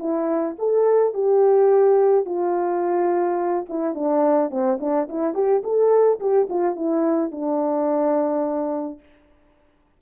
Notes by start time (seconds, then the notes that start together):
0.00 E4
0.59 A4
1.14 G4
2.26 F4
3.70 E4
3.95 D4
4.51 C4
4.81 D4
5.09 E4
5.34 G4
5.64 A4
6.20 G4
6.50 F4
6.76 E4
7.32 D4